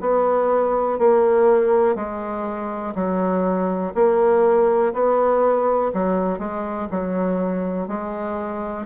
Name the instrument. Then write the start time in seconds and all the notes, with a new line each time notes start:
bassoon
0.00 B3
0.99 A#3
1.95 G#3
2.95 F#3
3.94 A#3
4.93 B3
5.93 F#3
6.38 G#3
6.91 F#3
7.88 G#3